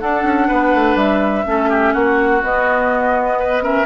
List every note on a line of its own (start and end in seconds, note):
0.00 1.45 D4
0.00 0.23 D4
0.00 0.48 A4
0.00 0.97 F#5
0.23 0.48 C#4
0.48 0.75 B3
0.48 1.45 B4
0.75 0.95 A3
0.95 1.44 G3
0.95 1.94 E5
1.45 1.94 A3
1.45 2.42 C#4
1.45 1.70 A4
1.70 1.94 G4
1.94 2.43 A#3
1.94 3.39 F#4
1.94 2.42 F#5
2.43 3.86 B3
2.43 3.61 B3
2.43 3.64 D#5
3.40 3.63 B4
3.61 3.86 C#4
3.61 3.86 A#4
3.61 3.86 E5